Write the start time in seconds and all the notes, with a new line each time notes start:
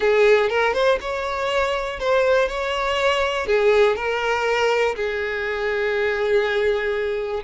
0.00 G#4
0.49 A#4
0.73 C5
1.00 C#5
1.99 C5
2.48 C#5
3.46 G#4
3.95 A#4
4.95 G#4